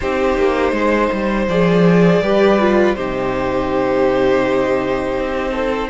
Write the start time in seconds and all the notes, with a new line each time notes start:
0.00 C4 D#4 G4 C5
0.37 A#3
0.71 G#3 C5
1.12 G3
1.47 F3 G#4 D5
2.21 G3 G4 B4
2.59 F4
2.94 C3 D#4 G4 C5
5.19 C4
5.51 A4